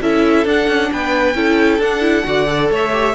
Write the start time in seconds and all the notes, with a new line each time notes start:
0.00 C#4 E4 A4 E5
0.45 D4 F#5
0.67 C#4
0.92 B3 B4 G5
1.35 C#4 E4 A4
1.78 D4 F#5
2.00 E4
2.24 D3 F#4 D5
2.47 A4
2.70 A3 C#5 E5
2.92 G4